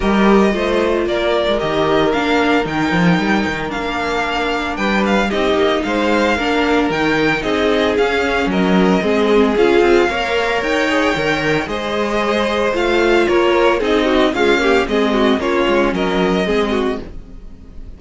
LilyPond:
<<
  \new Staff \with { instrumentName = "violin" } { \time 4/4 \tempo 4 = 113 dis''2 d''4 dis''4 | f''4 g''2 f''4~ | f''4 g''8 f''8 dis''4 f''4~ | f''4 g''4 dis''4 f''4 |
dis''2 f''2 | g''2 dis''2 | f''4 cis''4 dis''4 f''4 | dis''4 cis''4 dis''2 | }
  \new Staff \with { instrumentName = "violin" } { \time 4/4 ais'4 c''4 ais'2~ | ais'1~ | ais'4 b'4 g'4 c''4 | ais'2 gis'2 |
ais'4 gis'2 cis''4~ | cis''2 c''2~ | c''4 ais'4 gis'8 fis'8 f'8 g'8 | gis'8 fis'8 f'4 ais'4 gis'8 fis'8 | }
  \new Staff \with { instrumentName = "viola" } { \time 4/4 g'4 f'2 g'4 | d'4 dis'2 d'4~ | d'2 dis'2 | d'4 dis'2 cis'4~ |
cis'4 c'4 f'4 ais'4~ | ais'8 gis'8 ais'4 gis'2 | f'2 dis'4 gis8 ais8 | c'4 cis'2 c'4 | }
  \new Staff \with { instrumentName = "cello" } { \time 4/4 g4 a4 ais8. gis16 dis4 | ais4 dis8 f8 g8 dis8 ais4~ | ais4 g4 c'8 ais8 gis4 | ais4 dis4 c'4 cis'4 |
fis4 gis4 cis'8 c'8 ais4 | dis'4 dis4 gis2 | a4 ais4 c'4 cis'4 | gis4 ais8 gis8 fis4 gis4 | }
>>